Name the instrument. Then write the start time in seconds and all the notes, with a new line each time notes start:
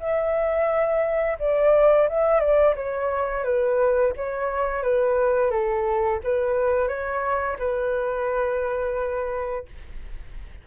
flute
0.00 E5
1.39 D5
2.09 E5
2.40 D5
2.76 C#5
3.44 B4
4.17 C#5
4.83 B4
5.51 A4
6.24 B4
6.88 C#5
7.59 B4